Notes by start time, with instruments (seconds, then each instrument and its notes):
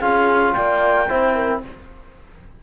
0.00 cello C#4, trombone F4, horn G#4, clarinet F5
0.53 cello A#3, horn D5, clarinet G5
1.09 cello C4, trombone E4, horn C5
1.35 horn A#4